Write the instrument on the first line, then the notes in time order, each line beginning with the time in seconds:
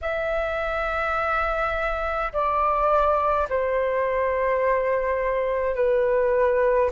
flute
0.01 E5
2.32 D5
3.49 C5
5.75 B4